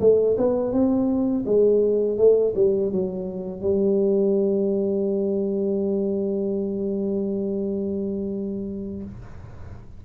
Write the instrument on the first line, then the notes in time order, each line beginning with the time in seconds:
tuba
0.00 A3
0.37 B3
0.72 C4
1.45 G#3
2.18 A3
2.56 G3
2.92 F#3
3.61 G3